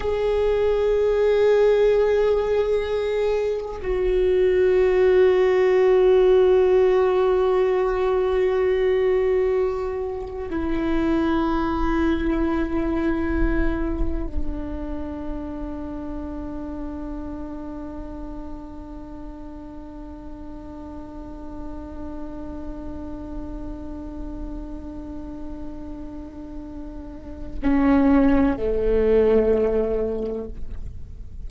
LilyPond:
\new Staff \with { instrumentName = "viola" } { \time 4/4 \tempo 4 = 63 gis'1 | fis'1~ | fis'2. e'4~ | e'2. d'4~ |
d'1~ | d'1~ | d'1~ | d'4 cis'4 a2 | }